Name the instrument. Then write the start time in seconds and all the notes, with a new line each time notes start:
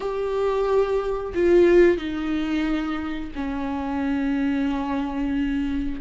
viola
0.00 G4
1.34 F4
1.97 D#4
3.35 C#4